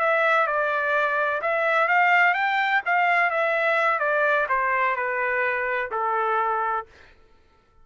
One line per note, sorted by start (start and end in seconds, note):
0.00 0.47 E5
0.47 1.42 D5
1.42 1.89 E5
1.89 2.35 F5
2.35 2.82 G5
2.86 3.31 F5
3.31 4.00 E5
4.00 4.47 D5
4.49 4.96 C5
4.96 5.91 B4
5.92 6.86 A4